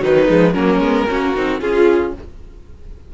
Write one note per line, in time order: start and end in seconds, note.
0.00 0.28 D#3
0.00 0.27 F#3
0.00 0.54 D#4
0.00 0.54 B4
0.27 0.54 F3
0.27 0.54 G#3
0.54 0.80 F#3
0.54 0.81 A#3
0.54 1.07 C#4
0.54 1.60 A#4
0.80 1.06 G#3
0.80 1.08 B3
1.08 1.37 A#3
1.08 1.34 C#4
1.08 1.61 F#4
1.36 1.61 C4
1.36 1.60 D#4
1.60 2.14 C#4
1.60 2.13 F4
1.60 2.14 F4
1.60 2.13 G#4